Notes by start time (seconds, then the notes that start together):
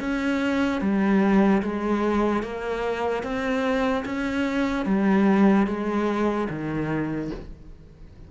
0.00 C#4
0.81 G3
1.63 G#3
2.43 A#3
3.23 C4
4.05 C#4
4.86 G3
5.67 G#3
6.50 D#3